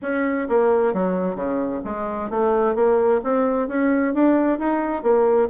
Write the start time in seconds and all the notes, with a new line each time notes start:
0.02 C#4
0.48 A#3
0.93 F#3
1.35 C#3
1.84 G#3
2.30 A3
2.75 A#3
3.23 C4
3.68 C#4
4.13 D4
4.59 D#4
5.03 A#3